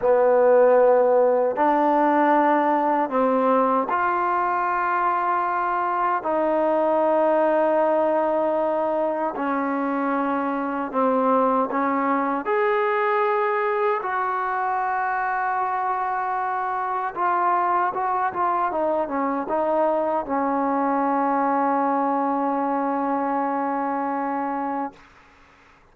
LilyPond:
\new Staff \with { instrumentName = "trombone" } { \time 4/4 \tempo 4 = 77 b2 d'2 | c'4 f'2. | dis'1 | cis'2 c'4 cis'4 |
gis'2 fis'2~ | fis'2 f'4 fis'8 f'8 | dis'8 cis'8 dis'4 cis'2~ | cis'1 | }